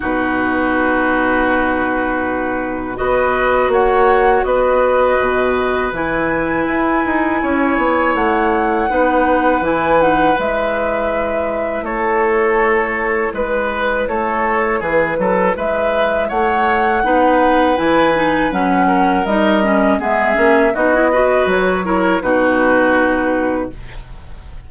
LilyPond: <<
  \new Staff \with { instrumentName = "flute" } { \time 4/4 \tempo 4 = 81 b'1 | dis''4 fis''4 dis''2 | gis''2. fis''4~ | fis''4 gis''8 fis''8 e''2 |
cis''2 b'4 cis''4 | b'4 e''4 fis''2 | gis''4 fis''4 dis''4 e''4 | dis''4 cis''4 b'2 | }
  \new Staff \with { instrumentName = "oboe" } { \time 4/4 fis'1 | b'4 cis''4 b'2~ | b'2 cis''2 | b'1 |
a'2 b'4 a'4 | gis'8 a'8 b'4 cis''4 b'4~ | b'4. ais'4. gis'4 | fis'8 b'4 ais'8 fis'2 | }
  \new Staff \with { instrumentName = "clarinet" } { \time 4/4 dis'1 | fis'1 | e'1 | dis'4 e'8 dis'8 e'2~ |
e'1~ | e'2. dis'4 | e'8 dis'8 cis'4 dis'8 cis'8 b8 cis'8 | dis'16 e'16 fis'4 e'8 dis'2 | }
  \new Staff \with { instrumentName = "bassoon" } { \time 4/4 b,1 | b4 ais4 b4 b,4 | e4 e'8 dis'8 cis'8 b8 a4 | b4 e4 gis2 |
a2 gis4 a4 | e8 fis8 gis4 a4 b4 | e4 fis4 g4 gis8 ais8 | b4 fis4 b,2 | }
>>